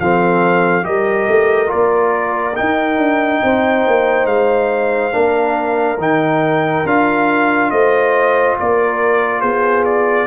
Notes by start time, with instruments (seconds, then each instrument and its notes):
0.00 tuba F3, trombone C4, horn A4, trumpet F5
0.83 tuba G3, trombone G4, horn A#4, trumpet D#5
1.28 tuba A3
1.67 trombone F4, trumpet D5
1.74 tuba A#3
2.56 trombone D#4, tuba D#4, trumpet G5
2.98 tuba D4
3.43 tuba C4, horn C5
3.87 tuba A#3
4.26 tuba G#3, trumpet F5
5.12 tuba A#3, trombone D4, horn A#4
5.98 tuba D#3, trombone D#4, trumpet G5
6.86 tuba D4, trombone F4, trumpet F5
7.71 tuba A3, horn C5, trumpet D#5
8.60 tuba A#3, horn A#4, trumpet D5
9.41 tuba B3, horn G#4, trumpet C5
9.86 trumpet D5